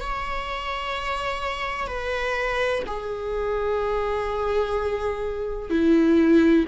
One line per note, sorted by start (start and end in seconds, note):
0.00 1.87 C#5
1.87 2.82 B4
2.87 5.70 G#4
5.70 6.65 E4